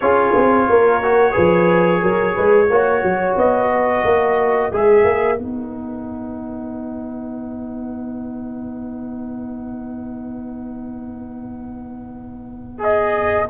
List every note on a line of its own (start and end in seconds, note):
0.00 0.34 C#4
0.00 1.03 F4
0.00 0.69 G#4
0.00 3.36 C#5
0.35 0.69 C4
0.69 1.36 A#3
0.69 1.32 A#4
1.03 1.32 F#4
1.32 2.03 F3
1.32 2.67 G#4
1.32 2.00 B4
2.02 2.36 F#3
2.02 2.34 A#4
2.34 2.70 G#3
2.34 2.68 B4
2.70 3.02 A#3
2.70 4.71 F#4
2.70 3.69 C#5
3.02 3.36 F#3
3.36 4.04 B3
3.36 4.72 D#5
3.69 13.47 B4
4.04 4.71 A#3
4.71 5.04 G#3
4.71 5.37 G#4
4.71 5.39 E5
5.04 5.37 A#3
5.37 13.46 B3
5.37 12.78 D#4
5.37 12.80 F#5
12.78 13.45 G#4
12.78 13.49 D#5